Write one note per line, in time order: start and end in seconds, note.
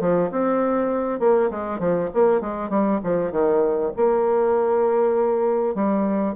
0.00 0.30 F3
0.31 1.20 C4
1.20 1.50 A#3
1.50 1.79 G#3
1.79 2.09 F3
2.14 2.41 A#3
2.41 2.70 G#3
2.70 3.00 G3
3.04 3.31 F3
3.31 3.92 D#3
3.96 5.75 A#3
5.75 6.35 G3